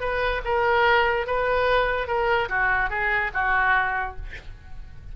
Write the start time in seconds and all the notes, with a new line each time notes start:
0.00 B4
0.44 A#4
1.26 B4
2.07 A#4
2.49 F#4
2.90 G#4
3.34 F#4